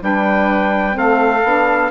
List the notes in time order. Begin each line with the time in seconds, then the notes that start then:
0.00 G3 D4 B4 G5
0.92 A3 C4 A4
0.98 F5
1.43 B3 D4